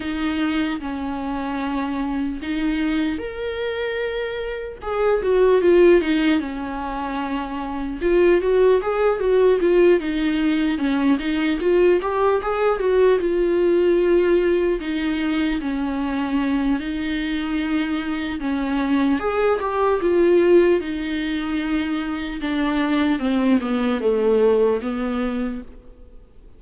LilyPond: \new Staff \with { instrumentName = "viola" } { \time 4/4 \tempo 4 = 75 dis'4 cis'2 dis'4 | ais'2 gis'8 fis'8 f'8 dis'8 | cis'2 f'8 fis'8 gis'8 fis'8 | f'8 dis'4 cis'8 dis'8 f'8 g'8 gis'8 |
fis'8 f'2 dis'4 cis'8~ | cis'4 dis'2 cis'4 | gis'8 g'8 f'4 dis'2 | d'4 c'8 b8 a4 b4 | }